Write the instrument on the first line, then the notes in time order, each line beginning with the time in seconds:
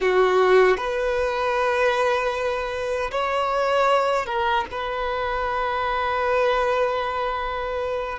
violin
0.00 F#4
0.77 B4
3.11 C#5
4.25 A#4
4.71 B4